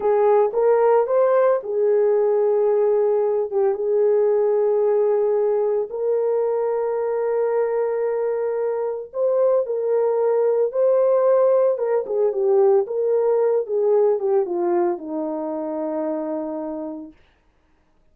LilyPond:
\new Staff \with { instrumentName = "horn" } { \time 4/4 \tempo 4 = 112 gis'4 ais'4 c''4 gis'4~ | gis'2~ gis'8 g'8 gis'4~ | gis'2. ais'4~ | ais'1~ |
ais'4 c''4 ais'2 | c''2 ais'8 gis'8 g'4 | ais'4. gis'4 g'8 f'4 | dis'1 | }